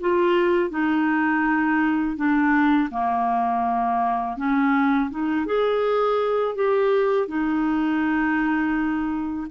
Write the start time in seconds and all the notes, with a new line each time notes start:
0.00 F4
0.70 D#4
2.16 D4
2.90 A#3
4.36 C#4
5.10 D#4
5.45 G#4
6.55 G4
7.27 D#4